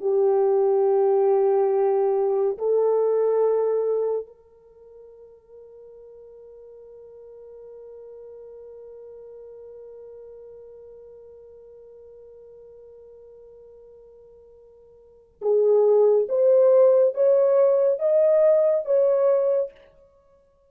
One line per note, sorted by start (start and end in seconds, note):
0.00 2.57 G4
2.58 4.26 A4
4.26 15.41 A#4
15.41 16.27 G#4
16.29 17.14 C5
17.14 17.99 C#5
17.99 18.85 D#5
18.85 19.71 C#5